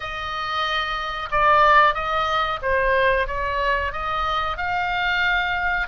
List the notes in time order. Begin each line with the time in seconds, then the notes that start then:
0.00 D#5
1.31 D5
1.94 D#5
2.62 C5
3.27 C#5
3.92 D#5
4.57 F5